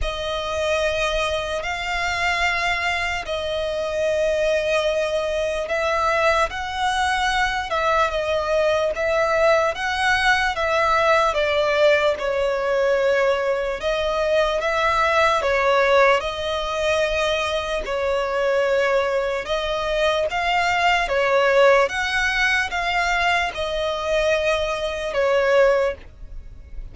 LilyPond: \new Staff \with { instrumentName = "violin" } { \time 4/4 \tempo 4 = 74 dis''2 f''2 | dis''2. e''4 | fis''4. e''8 dis''4 e''4 | fis''4 e''4 d''4 cis''4~ |
cis''4 dis''4 e''4 cis''4 | dis''2 cis''2 | dis''4 f''4 cis''4 fis''4 | f''4 dis''2 cis''4 | }